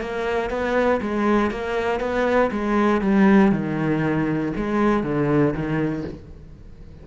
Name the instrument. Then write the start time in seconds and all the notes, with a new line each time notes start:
cello
0.00 A#3
0.50 B3
1.01 G#3
1.51 A#3
2.00 B3
2.51 G#3
3.01 G3
3.52 D#3
4.56 G#3
5.03 D3
5.53 D#3